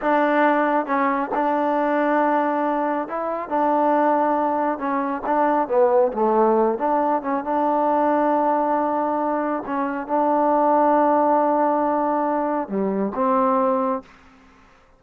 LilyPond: \new Staff \with { instrumentName = "trombone" } { \time 4/4 \tempo 4 = 137 d'2 cis'4 d'4~ | d'2. e'4 | d'2. cis'4 | d'4 b4 a4. d'8~ |
d'8 cis'8 d'2.~ | d'2 cis'4 d'4~ | d'1~ | d'4 g4 c'2 | }